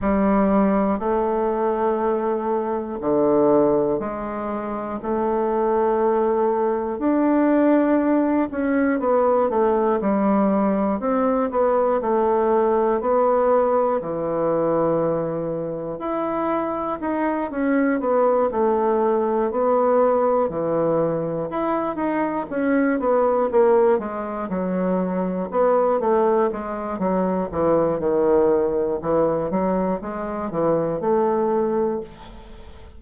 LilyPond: \new Staff \with { instrumentName = "bassoon" } { \time 4/4 \tempo 4 = 60 g4 a2 d4 | gis4 a2 d'4~ | d'8 cis'8 b8 a8 g4 c'8 b8 | a4 b4 e2 |
e'4 dis'8 cis'8 b8 a4 b8~ | b8 e4 e'8 dis'8 cis'8 b8 ais8 | gis8 fis4 b8 a8 gis8 fis8 e8 | dis4 e8 fis8 gis8 e8 a4 | }